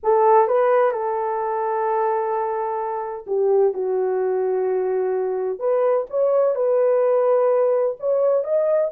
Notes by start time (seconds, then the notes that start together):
0.03 A4
0.47 B4
0.91 A4
3.26 G4
3.73 F#4
5.59 B4
6.10 C#5
6.55 B4
7.99 C#5
8.44 D#5